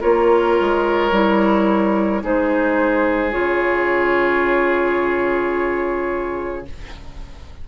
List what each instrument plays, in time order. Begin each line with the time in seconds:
0.00 bassoon A#3, clarinet F4, oboe A#4, flute C#5
0.60 bassoon G#3
1.11 bassoon G3, clarinet E4
2.21 bassoon G#3, clarinet D#4, oboe G#4, flute C5
3.31 bassoon C#3, clarinet F4, flute C#5